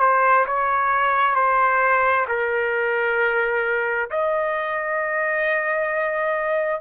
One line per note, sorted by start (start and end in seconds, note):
0.00 0.45 C5
0.46 1.35 C#5
1.35 2.26 C5
2.28 4.10 A#4
4.10 6.81 D#5